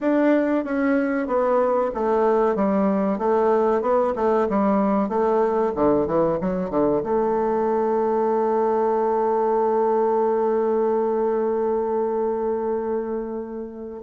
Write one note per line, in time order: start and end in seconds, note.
0.00 0.64 D4
0.64 1.27 C#4
1.27 1.91 B3
1.94 2.55 A3
2.55 3.18 G3
3.18 3.81 A3
3.81 4.13 B3
4.15 4.47 A3
4.49 5.08 G3
5.08 5.72 A3
5.75 6.06 D3
6.06 6.38 E3
6.40 6.70 F#3
6.70 7.02 D3
7.03 14.03 A3